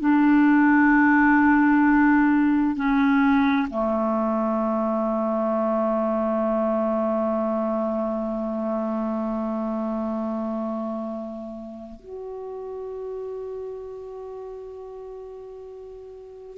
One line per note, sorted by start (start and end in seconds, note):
0.00 2.76 D4
2.76 3.68 C#4
3.70 12.00 A3
12.00 16.58 F#4